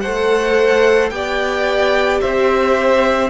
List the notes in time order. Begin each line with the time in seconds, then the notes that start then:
0.00 A3 A4 C5 F#5
1.10 B3 G4 D5 G5
2.20 C4 C5 E5